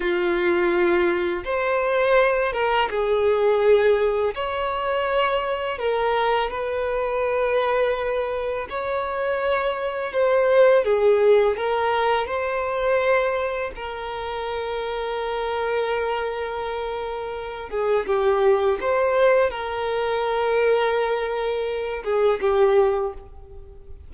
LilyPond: \new Staff \with { instrumentName = "violin" } { \time 4/4 \tempo 4 = 83 f'2 c''4. ais'8 | gis'2 cis''2 | ais'4 b'2. | cis''2 c''4 gis'4 |
ais'4 c''2 ais'4~ | ais'1~ | ais'8 gis'8 g'4 c''4 ais'4~ | ais'2~ ais'8 gis'8 g'4 | }